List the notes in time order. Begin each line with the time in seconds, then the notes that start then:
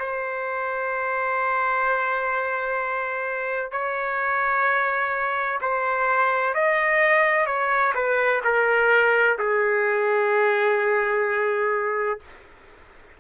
0.00 C5
3.72 C#5
5.62 C5
6.55 D#5
7.47 C#5
7.95 B4
8.45 A#4
9.39 G#4